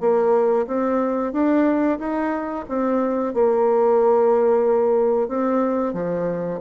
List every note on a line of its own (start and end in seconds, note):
0.00 0.66 A#3
0.67 1.32 C4
1.32 1.98 D4
1.99 2.65 D#4
2.68 3.34 C4
3.34 5.28 A#3
5.28 5.93 C4
5.93 6.59 F3